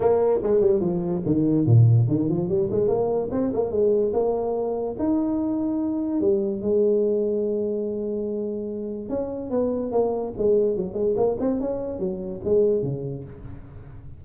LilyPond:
\new Staff \with { instrumentName = "tuba" } { \time 4/4 \tempo 4 = 145 ais4 gis8 g8 f4 dis4 | ais,4 dis8 f8 g8 gis8 ais4 | c'8 ais8 gis4 ais2 | dis'2. g4 |
gis1~ | gis2 cis'4 b4 | ais4 gis4 fis8 gis8 ais8 c'8 | cis'4 fis4 gis4 cis4 | }